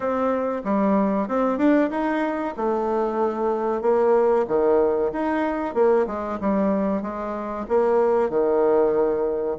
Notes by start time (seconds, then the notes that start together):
0.00 C4
0.64 G3
1.28 C4
1.58 D4
1.90 D#4
2.56 A3
3.82 A#3
4.47 D#3
5.12 D#4
5.74 A#3
6.06 G#3
6.40 G3
7.02 G#3
7.68 A#3
8.29 D#3